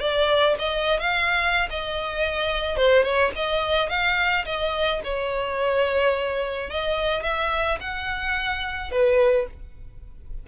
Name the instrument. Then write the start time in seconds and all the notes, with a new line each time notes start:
violin
0.00 D5
0.59 D#5
0.99 F5
1.70 D#5
2.77 C5
3.03 C#5
3.36 D#5
3.89 F5
4.45 D#5
5.04 C#5
6.70 D#5
7.23 E5
7.81 F#5
8.91 B4